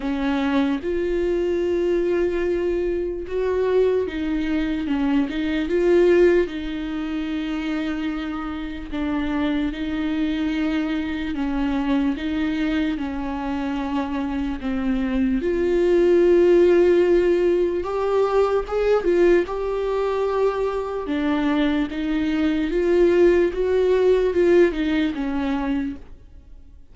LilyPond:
\new Staff \with { instrumentName = "viola" } { \time 4/4 \tempo 4 = 74 cis'4 f'2. | fis'4 dis'4 cis'8 dis'8 f'4 | dis'2. d'4 | dis'2 cis'4 dis'4 |
cis'2 c'4 f'4~ | f'2 g'4 gis'8 f'8 | g'2 d'4 dis'4 | f'4 fis'4 f'8 dis'8 cis'4 | }